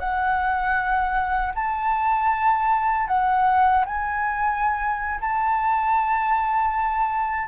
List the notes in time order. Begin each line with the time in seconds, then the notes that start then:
0.00 F#5
1.55 A5
3.08 F#5
3.86 G#5
5.21 A5